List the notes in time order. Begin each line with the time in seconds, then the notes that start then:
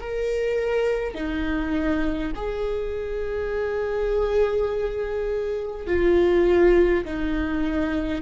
0.00 A#4
1.14 D#4
2.35 G#4
5.87 F4
7.04 D#4